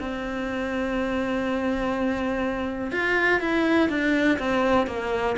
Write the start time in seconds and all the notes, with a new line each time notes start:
0.00 C4
2.92 F4
3.41 E4
3.90 D4
4.39 C4
4.87 A#3